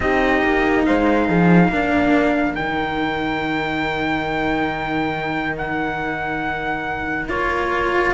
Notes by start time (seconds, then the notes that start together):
0.00 C4 D#4 G4 D#5
0.44 A#3
0.85 G#3 C5 F5
1.28 F3 G#4
1.68 A#3 D4 A#4
2.55 D#3 D#4 G5
5.57 F#5
7.28 A#3 F4 C#5